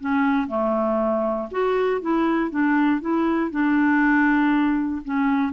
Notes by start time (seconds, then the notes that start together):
0.00 C#4
0.48 A3
1.51 F#4
2.01 E4
2.50 D4
3.01 E4
3.51 D4
5.05 C#4